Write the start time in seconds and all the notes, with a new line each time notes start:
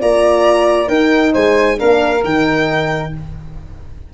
0.00 A#3 F4 D5 A#5
0.88 D#4 A#4 G5
1.33 G#3 C5 G#5
1.77 A#3 D4 A#4 F5
2.24 D#3 D#4 G5